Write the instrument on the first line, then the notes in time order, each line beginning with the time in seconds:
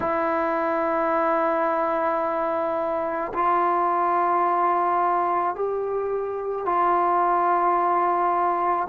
trombone
0.00 E4
3.33 F4
5.55 G4
6.65 F4